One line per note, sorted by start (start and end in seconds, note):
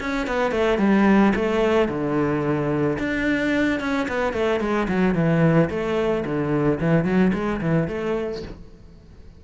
0.00 0.27 C#4
0.27 0.51 B3
0.51 0.78 A3
0.78 1.33 G3
1.35 1.89 A3
1.89 2.98 D3
2.99 3.80 D4
3.80 4.07 C#4
4.08 4.33 B3
4.33 4.60 A3
4.60 4.87 G#3
4.88 5.15 F#3
5.15 5.69 E3
5.70 6.24 A3
6.25 6.79 D3
6.80 7.05 E3
7.05 7.32 F#3
7.33 7.60 G#3
7.61 7.88 E3
7.88 8.42 A3